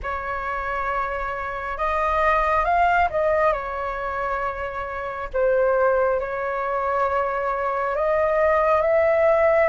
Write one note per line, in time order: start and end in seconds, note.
0.02 1.77 C#5
1.77 2.64 D#5
2.64 3.08 F5
3.10 3.53 D#5
3.53 5.29 C#5
5.33 6.20 C5
6.20 7.95 C#5
7.95 8.81 D#5
8.81 9.68 E5